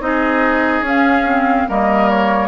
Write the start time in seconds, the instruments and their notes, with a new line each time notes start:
0.00 bassoon C4, clarinet D#4, oboe G#4, flute D#5
0.81 bassoon C#4, clarinet C#4
0.87 flute F5
1.26 clarinet C4
1.68 bassoon G3, clarinet A#3, oboe A#4, flute D#5
2.09 flute C#5